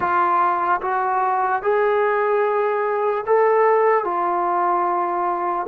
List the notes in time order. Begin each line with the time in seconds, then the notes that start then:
0.00 F4
0.81 F#4
1.62 G#4
3.26 A4
4.04 F4